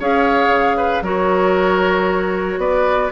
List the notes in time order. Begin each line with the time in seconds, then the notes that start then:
0.00 C#4 G#4 C#5 F5
0.48 C#3
0.77 B4
1.01 F#3 F#4 A#4 C#5
2.58 B3 B4 D5